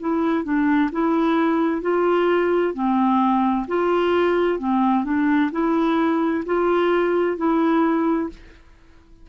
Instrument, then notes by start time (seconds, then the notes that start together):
clarinet
0.00 E4
0.44 D4
0.92 E4
1.82 F4
2.74 C4
3.68 F4
4.59 C4
5.05 D4
5.51 E4
6.46 F4
7.37 E4